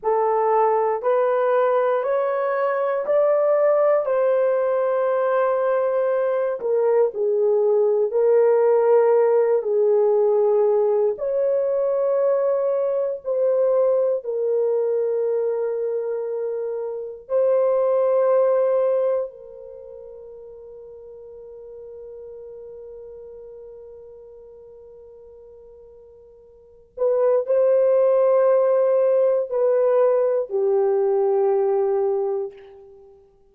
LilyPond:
\new Staff \with { instrumentName = "horn" } { \time 4/4 \tempo 4 = 59 a'4 b'4 cis''4 d''4 | c''2~ c''8 ais'8 gis'4 | ais'4. gis'4. cis''4~ | cis''4 c''4 ais'2~ |
ais'4 c''2 ais'4~ | ais'1~ | ais'2~ ais'8 b'8 c''4~ | c''4 b'4 g'2 | }